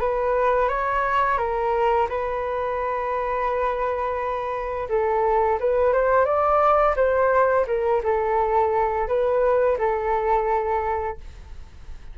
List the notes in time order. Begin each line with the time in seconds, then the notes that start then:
0.00 B4
0.69 C#5
1.38 A#4
2.09 B4
4.89 A4
5.60 B4
5.93 C5
6.25 D5
6.96 C5
7.67 A#4
8.04 A4
9.08 B4
9.78 A4